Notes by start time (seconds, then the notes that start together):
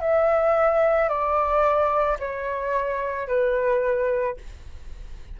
0.00 E5
1.08 D5
2.19 C#5
3.27 B4